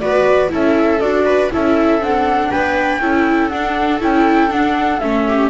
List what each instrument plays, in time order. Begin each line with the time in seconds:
0.00 double bass B3, viola F#4 B4, flute D5
0.49 double bass C#4, viola E4 A4, flute E5
1.01 double bass D4, viola F#4, flute D5
1.26 viola B4
1.52 double bass C#4, viola E4 A4, flute E5
2.01 double bass C4, viola D4, flute F#5
2.51 double bass B3, viola B4, flute G5
3.01 double bass C#4, viola E4 A4
3.49 double bass D4, viola D4, flute F#5
4.01 double bass C#4, viola E4, flute G5
4.50 double bass D4, viola D4, flute F#5
5.00 double bass A3, viola C#4, flute E5
5.29 viola G4